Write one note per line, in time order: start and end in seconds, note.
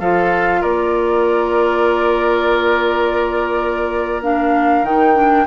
0.00 0.62 F3
0.00 4.23 F4
0.00 0.61 A4
0.00 0.62 F5
0.61 4.82 A#3
0.61 5.46 A#4
0.61 4.22 D5
4.23 4.85 D4
4.23 4.85 F5
4.82 5.45 D#3
4.82 5.15 D#4
4.82 5.47 G5
5.15 5.46 D4